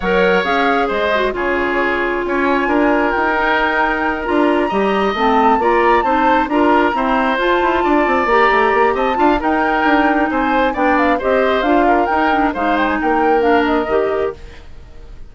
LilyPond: <<
  \new Staff \with { instrumentName = "flute" } { \time 4/4 \tempo 4 = 134 fis''4 f''4 dis''4 cis''4~ | cis''4 gis''2 g''4~ | g''4. ais''2 a''8~ | a''8 ais''4 a''4 ais''4.~ |
ais''8 a''2 ais''4. | a''4 g''2 gis''4 | g''8 f''8 dis''4 f''4 g''4 | f''8 g''16 gis''16 g''4 f''8 dis''4. | }
  \new Staff \with { instrumentName = "oboe" } { \time 4/4 cis''2 c''4 gis'4~ | gis'4 cis''4 ais'2~ | ais'2~ ais'8 dis''4.~ | dis''8 d''4 c''4 ais'4 c''8~ |
c''4. d''2~ d''8 | dis''8 f''8 ais'2 c''4 | d''4 c''4. ais'4. | c''4 ais'2. | }
  \new Staff \with { instrumentName = "clarinet" } { \time 4/4 ais'4 gis'4. fis'8 f'4~ | f'2.~ f'8 dis'8~ | dis'4. f'4 g'4 c'8~ | c'8 f'4 dis'4 f'4 c'8~ |
c'8 f'2 g'4.~ | g'8 f'8 dis'2. | d'4 g'4 f'4 dis'8 d'8 | dis'2 d'4 g'4 | }
  \new Staff \with { instrumentName = "bassoon" } { \time 4/4 fis4 cis'4 gis4 cis4~ | cis4 cis'4 d'4 dis'4~ | dis'4. d'4 g4 a8~ | a8 ais4 c'4 d'4 e'8~ |
e'8 f'8 e'8 d'8 c'8 ais8 a8 ais8 | c'8 d'8 dis'4 d'4 c'4 | b4 c'4 d'4 dis'4 | gis4 ais2 dis4 | }
>>